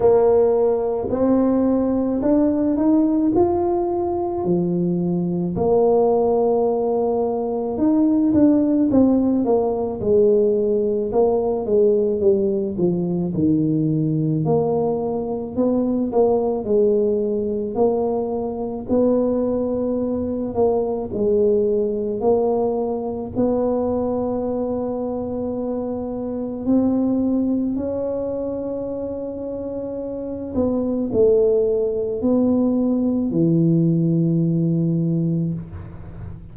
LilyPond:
\new Staff \with { instrumentName = "tuba" } { \time 4/4 \tempo 4 = 54 ais4 c'4 d'8 dis'8 f'4 | f4 ais2 dis'8 d'8 | c'8 ais8 gis4 ais8 gis8 g8 f8 | dis4 ais4 b8 ais8 gis4 |
ais4 b4. ais8 gis4 | ais4 b2. | c'4 cis'2~ cis'8 b8 | a4 b4 e2 | }